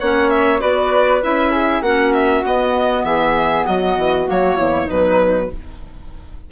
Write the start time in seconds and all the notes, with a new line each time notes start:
0.00 A#3 C#4 C#5 F#5
0.30 E5
0.60 B3 F#4 B4 D5
1.22 C#4 E4 E5
1.51 G#4
1.82 A#3 C#4 F#4 F#5
2.14 E5
2.45 B3 D#5
3.04 E3 G#4 E5
3.66 F#3 F#4 D#5
3.98 E3
4.27 F#3 A#3 C#5
4.56 E2 E4
4.86 B2 F#3 D#4 B4